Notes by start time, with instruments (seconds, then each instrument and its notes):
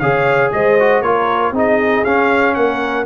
0.00 tuba C#3, trombone G#4, horn C#5, trumpet F5
0.53 tuba G#3, horn C5, trumpet D#5
0.79 trombone F#4
1.02 tuba A#3, trombone F4, horn A#4, trumpet C#5
1.52 tuba C4, trombone D#4, horn G#4
1.59 trumpet D#5
2.05 tuba C#4, trombone C#4, trumpet F5
2.55 tuba A#3, horn A#4, trumpet F#5